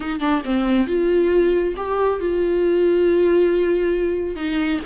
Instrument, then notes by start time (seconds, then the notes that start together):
viola
0.00 D#4
0.20 D4
0.44 C4
0.87 F4
1.76 G4
2.20 F4
4.36 D#4